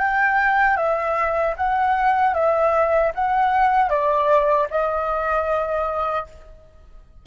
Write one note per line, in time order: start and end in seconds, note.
0.00 0.78 G5
0.78 1.55 E5
1.57 2.35 F#5
2.35 3.13 E5
3.15 3.90 F#5
3.90 4.68 D5
4.71 6.27 D#5